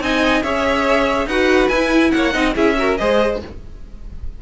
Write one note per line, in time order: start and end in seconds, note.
0.00 0.42 C4
0.00 0.43 D#4
0.00 0.43 D#5
0.00 0.43 G#5
0.43 1.26 C#4
0.43 1.28 G#4
0.43 1.27 C#5
0.43 1.27 E5
1.26 1.68 D#4
1.26 1.72 F#4
1.26 2.12 B4
1.26 1.68 F#5
1.68 2.11 E4
1.68 2.33 E4
1.68 2.11 G#5
2.12 2.34 A#3
2.12 2.32 C#5
2.12 2.54 F#5
2.32 2.55 C4
2.32 2.54 D#4
2.32 2.54 D#5
2.54 2.98 C#4
2.54 2.76 E4
2.54 2.75 G#4
2.54 2.97 E5
2.77 2.98 F#4
2.77 2.99 A#4
2.97 3.42 G#3
2.97 3.41 G#4
2.97 3.42 C5
2.97 3.39 D#5